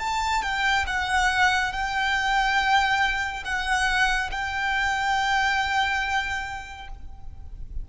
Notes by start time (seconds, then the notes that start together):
0.00 A5
0.43 G5
0.87 F#5
1.73 G5
3.45 F#5
4.31 G5